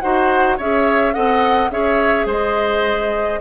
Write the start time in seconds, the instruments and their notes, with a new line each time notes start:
0.00 bassoon D#4, clarinet F#4, oboe C5, flute F#5
0.57 bassoon C#4, clarinet G#4, oboe C#5, flute E5
1.13 bassoon C4, clarinet A4, oboe D#5, flute F#5
1.70 bassoon C#4, clarinet G#4, oboe C#5, flute E5
2.25 bassoon G#3, oboe C5, flute D#5